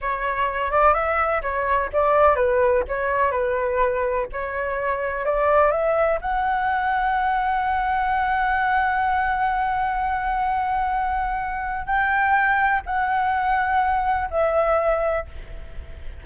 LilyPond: \new Staff \with { instrumentName = "flute" } { \time 4/4 \tempo 4 = 126 cis''4. d''8 e''4 cis''4 | d''4 b'4 cis''4 b'4~ | b'4 cis''2 d''4 | e''4 fis''2.~ |
fis''1~ | fis''1~ | fis''4 g''2 fis''4~ | fis''2 e''2 | }